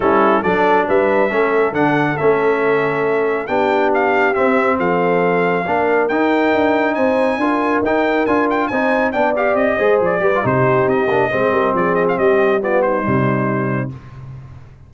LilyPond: <<
  \new Staff \with { instrumentName = "trumpet" } { \time 4/4 \tempo 4 = 138 a'4 d''4 e''2 | fis''4 e''2. | g''4 f''4 e''4 f''4~ | f''2 g''2 |
gis''2 g''4 gis''8 g''8 | gis''4 g''8 f''8 dis''4 d''4 | c''4 dis''2 d''8 dis''16 f''16 | dis''4 d''8 c''2~ c''8 | }
  \new Staff \with { instrumentName = "horn" } { \time 4/4 e'4 a'4 b'4 a'4~ | a'1 | g'2. a'4~ | a'4 ais'2. |
c''4 ais'2. | c''4 d''4. c''4 b'8 | g'2 c''8 ais'8 gis'4 | g'4 f'8 dis'2~ dis'8 | }
  \new Staff \with { instrumentName = "trombone" } { \time 4/4 cis'4 d'2 cis'4 | d'4 cis'2. | d'2 c'2~ | c'4 d'4 dis'2~ |
dis'4 f'4 dis'4 f'4 | dis'4 d'8 g'4 gis'4 g'16 f'16 | dis'4. d'8 c'2~ | c'4 b4 g2 | }
  \new Staff \with { instrumentName = "tuba" } { \time 4/4 g4 fis4 g4 a4 | d4 a2. | b2 c'4 f4~ | f4 ais4 dis'4 d'4 |
c'4 d'4 dis'4 d'4 | c'4 b4 c'8 gis8 f8 g8 | c4 c'8 ais8 gis8 g8 f4 | g2 c2 | }
>>